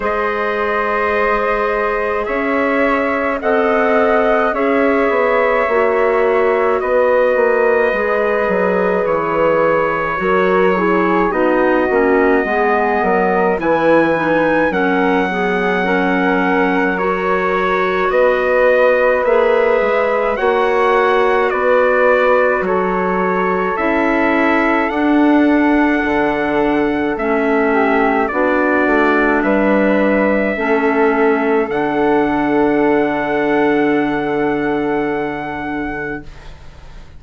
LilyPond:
<<
  \new Staff \with { instrumentName = "trumpet" } { \time 4/4 \tempo 4 = 53 dis''2 e''4 fis''4 | e''2 dis''2 | cis''2 dis''2 | gis''4 fis''2 cis''4 |
dis''4 e''4 fis''4 d''4 | cis''4 e''4 fis''2 | e''4 d''4 e''2 | fis''1 | }
  \new Staff \with { instrumentName = "flute" } { \time 4/4 c''2 cis''4 dis''4 | cis''2 b'2~ | b'4 ais'8 gis'8 fis'4 gis'8 ais'8 | b'4 ais'8 gis'8 ais'2 |
b'2 cis''4 b'4 | a'1~ | a'8 g'8 fis'4 b'4 a'4~ | a'1 | }
  \new Staff \with { instrumentName = "clarinet" } { \time 4/4 gis'2. a'4 | gis'4 fis'2 gis'4~ | gis'4 fis'8 e'8 dis'8 cis'8 b4 | e'8 dis'8 cis'8 b8 cis'4 fis'4~ |
fis'4 gis'4 fis'2~ | fis'4 e'4 d'2 | cis'4 d'2 cis'4 | d'1 | }
  \new Staff \with { instrumentName = "bassoon" } { \time 4/4 gis2 cis'4 c'4 | cis'8 b8 ais4 b8 ais8 gis8 fis8 | e4 fis4 b8 ais8 gis8 fis8 | e4 fis2. |
b4 ais8 gis8 ais4 b4 | fis4 cis'4 d'4 d4 | a4 b8 a8 g4 a4 | d1 | }
>>